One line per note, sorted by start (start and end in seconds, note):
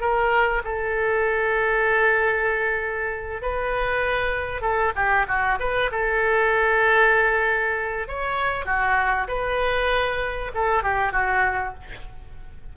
0.00 0.62 A#4
0.64 3.41 A4
3.41 4.61 B4
4.61 4.92 A4
4.95 5.26 G4
5.27 5.58 F#4
5.59 5.90 B4
5.91 8.07 A4
8.07 8.65 C#5
8.65 9.27 F#4
9.27 10.51 B4
10.54 10.82 A4
10.82 11.12 G4
11.12 11.74 F#4